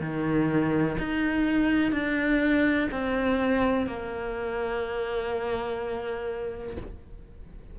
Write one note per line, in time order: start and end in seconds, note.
0.00 0.97 D#3
0.98 1.91 D#4
1.91 2.88 D4
2.91 3.86 C4
3.86 6.77 A#3